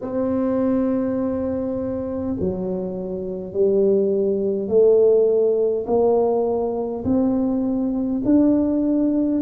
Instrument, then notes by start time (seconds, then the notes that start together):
tuba
0.01 C4
2.39 F#3
3.52 G3
4.67 A3
5.86 A#3
7.04 C4
8.24 D4